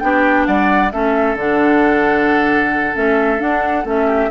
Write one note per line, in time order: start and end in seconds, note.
0.00 0.48 B3
0.00 0.92 D4
0.00 0.48 G4
0.00 0.45 G5
0.46 0.93 G3
0.46 0.93 D5
0.46 0.91 F#5
0.92 1.36 A3
0.92 1.37 C#4
0.92 4.07 A4
0.92 1.37 E5
1.36 2.93 D3
1.36 2.94 D4
1.36 2.97 F#5
2.94 3.41 A3
2.94 3.39 C#4
2.94 3.41 E5
3.39 3.84 D4
3.39 3.85 D4
3.39 3.86 F#5
3.85 4.30 A3
3.85 4.31 C#4
3.85 4.31 E5
4.07 4.29 G4